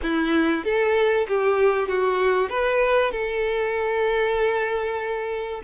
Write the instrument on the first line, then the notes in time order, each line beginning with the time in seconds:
violin
0.02 E4
0.64 A4
1.28 G4
1.88 F#4
2.49 B4
3.11 A4